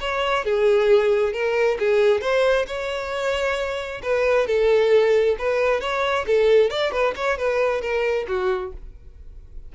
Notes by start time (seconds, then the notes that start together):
0.00 C#5
0.44 G#4
1.33 A#4
1.79 G#4
2.21 C5
2.67 C#5
4.02 B4
4.47 A4
5.39 B4
5.80 C#5
6.26 A4
6.70 D5
6.92 B4
7.15 C#5
7.38 B4
7.81 A#4
8.28 F#4